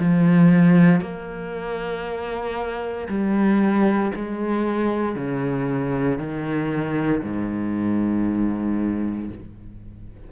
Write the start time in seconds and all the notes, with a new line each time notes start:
0.00 F3
1.02 A#3
3.09 G3
4.15 G#3
5.16 C#3
6.19 D#3
7.23 G#2